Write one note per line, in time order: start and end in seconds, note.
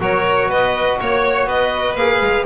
0.00 0.49 F#3
0.00 1.97 F#4
0.00 0.49 A#4
0.00 0.50 C#5
0.49 0.98 B3
0.49 0.98 B4
0.49 1.00 D#5
1.00 1.46 A#3
1.00 1.47 C#5
1.00 1.49 C#5
1.46 1.95 B3
1.46 2.45 B4
1.46 1.96 D#5
1.95 2.19 A#3
1.95 2.45 G#4
1.95 2.45 F5
2.20 2.45 G#3